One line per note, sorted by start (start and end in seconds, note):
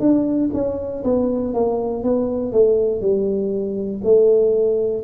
0.00 0.50 D4
0.53 1.03 C#4
1.04 1.54 B3
1.54 2.03 A#3
2.03 2.52 B3
2.52 3.01 A3
3.01 4.01 G3
4.04 5.04 A3